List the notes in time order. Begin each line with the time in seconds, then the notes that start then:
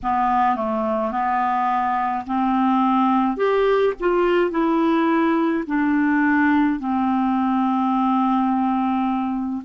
0.03 B3
0.56 A3
1.11 B3
2.26 C4
3.37 G4
3.99 F4
4.50 E4
5.66 D4
6.79 C4